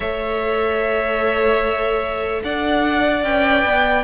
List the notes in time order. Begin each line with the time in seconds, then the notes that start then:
0.00 A3 A4 C#5 E5
2.43 D4 D5 F#5
3.23 C#4 B4 G5
3.65 B3